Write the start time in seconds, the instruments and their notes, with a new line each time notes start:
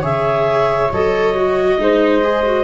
0.00 tuba C#3, viola G#4, flute C#5, clarinet E5
0.92 tuba F#3, viola A4, clarinet D#5
1.35 viola F#4
1.78 tuba G#3, viola D#4, flute C5
2.23 viola G#4
2.46 viola F#4